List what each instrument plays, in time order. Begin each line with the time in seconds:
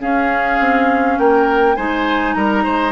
0.00 clarinet C#4, bassoon C#4, oboe G#4, flute F5
0.60 bassoon C4
1.19 bassoon A#3, oboe A#4, flute G5
1.76 bassoon G#3, clarinet D#4, oboe C5, flute G#5
2.34 bassoon G3, oboe A#4, flute A#5
2.64 bassoon G#3, oboe C5